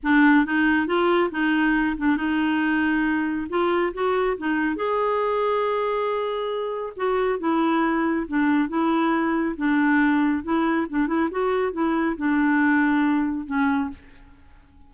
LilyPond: \new Staff \with { instrumentName = "clarinet" } { \time 4/4 \tempo 4 = 138 d'4 dis'4 f'4 dis'4~ | dis'8 d'8 dis'2. | f'4 fis'4 dis'4 gis'4~ | gis'1 |
fis'4 e'2 d'4 | e'2 d'2 | e'4 d'8 e'8 fis'4 e'4 | d'2. cis'4 | }